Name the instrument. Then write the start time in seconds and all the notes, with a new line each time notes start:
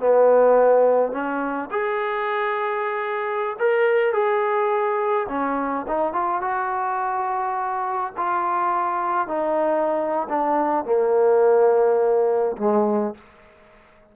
trombone
0.00 B3
1.12 C#4
1.71 G#4
3.59 A#4
4.13 G#4
5.29 C#4
5.88 D#4
6.13 F4
6.42 F#4
8.17 F4
9.28 D#4
10.29 D4
10.85 A#3
12.58 G#3